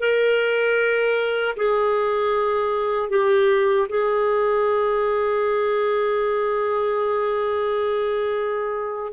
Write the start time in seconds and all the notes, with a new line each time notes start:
0.00 A#4
1.57 G#4
3.10 G4
3.89 G#4